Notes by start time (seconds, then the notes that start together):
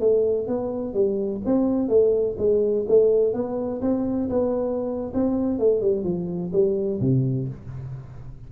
0.00 A3
0.47 B3
0.94 G3
1.46 C4
1.89 A3
2.38 G#3
2.88 A3
3.34 B3
3.82 C4
4.29 B3
5.14 C4
5.59 A3
5.81 G3
6.04 F3
6.53 G3
7.01 C3